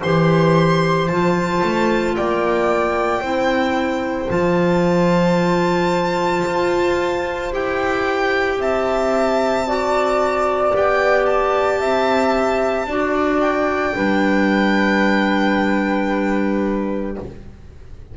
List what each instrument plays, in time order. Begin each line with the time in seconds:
0.00 double bass E3, clarinet G4, flute C5, violin C6
1.08 double bass F3, clarinet F4, violin A5
1.63 double bass A3
2.16 double bass A#3, flute D5, violin G5
3.21 double bass C4, clarinet E4, flute C5
4.29 double bass F3, clarinet F4, violin A5
6.46 double bass F4
7.51 double bass E4, clarinet G4, violin G5
8.58 double bass C4, flute E5, violin A5
9.67 clarinet F#4, flute D5
10.73 double bass B3, clarinet G4, violin G5
11.26 violin A5
11.79 double bass C4, flute E5
12.86 double bass D4, clarinet F#4, flute D5
13.40 violin G5
13.94 double bass G3, clarinet D4, flute B4